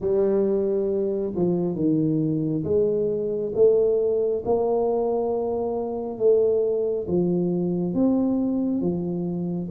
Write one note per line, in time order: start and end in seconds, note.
0.00 1.33 G3
1.35 1.75 F3
1.75 2.63 D#3
2.64 3.52 G#3
3.55 4.43 A3
4.45 6.18 A#3
6.18 7.06 A3
7.07 7.94 F3
7.94 8.81 C4
8.81 9.69 F3